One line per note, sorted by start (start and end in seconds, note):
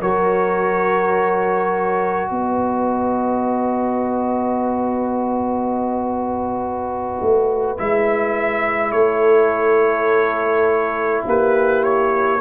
0.00 2.30 F#3
0.00 7.77 F#4
0.00 2.30 A#4
0.00 2.31 C#5
2.30 7.21 B3
2.30 8.94 B4
2.30 7.78 D#5
7.21 7.79 A3
7.77 8.92 G#3
7.77 12.39 E4
7.77 8.91 E5
8.91 11.23 A3
8.91 11.25 A4
8.91 11.22 C#5
11.26 12.41 A#3
11.26 12.41 G4
11.26 11.83 B4
11.83 12.41 C#5